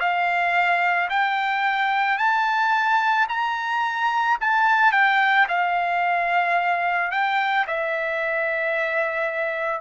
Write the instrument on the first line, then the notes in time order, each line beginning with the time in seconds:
trumpet
0.00 F5
1.10 G5
2.18 A5
3.29 A#5
4.41 A5
4.92 G5
5.48 F5
7.12 G5
7.68 E5